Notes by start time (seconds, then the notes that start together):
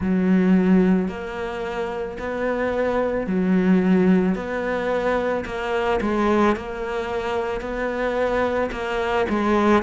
0.00 F#3
1.08 A#3
2.18 B3
3.27 F#3
4.35 B3
5.45 A#3
6.01 G#3
6.56 A#3
7.61 B3
8.71 A#3
9.29 G#3